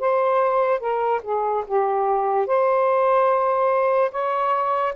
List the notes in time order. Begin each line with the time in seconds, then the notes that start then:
0.00 C5
0.80 A#4
1.23 G#4
1.67 G4
2.47 C5
4.11 C#5